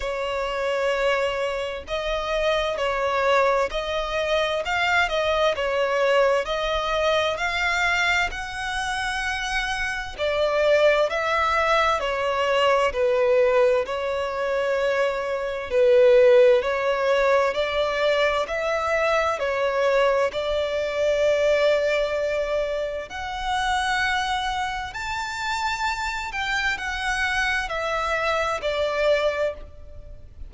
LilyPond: \new Staff \with { instrumentName = "violin" } { \time 4/4 \tempo 4 = 65 cis''2 dis''4 cis''4 | dis''4 f''8 dis''8 cis''4 dis''4 | f''4 fis''2 d''4 | e''4 cis''4 b'4 cis''4~ |
cis''4 b'4 cis''4 d''4 | e''4 cis''4 d''2~ | d''4 fis''2 a''4~ | a''8 g''8 fis''4 e''4 d''4 | }